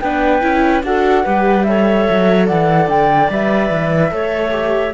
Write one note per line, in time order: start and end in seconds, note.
0.00 0.42 B3
0.00 0.41 D4
0.00 0.84 B4
0.00 0.82 G5
0.41 0.83 C#4
0.41 0.83 E4
0.83 1.24 D4
0.83 1.24 F#4
0.83 1.23 A4
0.83 1.63 F#5
1.23 2.08 G3
1.23 1.66 G4
1.23 1.64 B4
1.63 3.29 A4
1.63 2.46 C#5
1.63 2.45 E5
2.09 2.50 F#3
2.46 2.87 E3
2.46 4.11 D5
2.46 2.88 F#5
2.87 3.28 D3
2.87 3.30 G5
3.29 3.70 G3
3.29 4.11 B4
3.29 4.93 E5
3.70 4.11 E3
4.11 4.93 A3
4.11 4.51 A4
4.11 4.93 C#5
4.51 4.92 G4